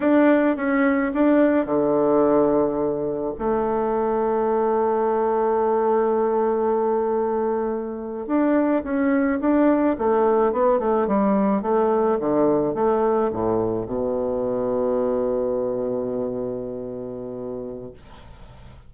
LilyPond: \new Staff \with { instrumentName = "bassoon" } { \time 4/4 \tempo 4 = 107 d'4 cis'4 d'4 d4~ | d2 a2~ | a1~ | a2~ a8. d'4 cis'16~ |
cis'8. d'4 a4 b8 a8 g16~ | g8. a4 d4 a4 a,16~ | a,8. b,2.~ b,16~ | b,1 | }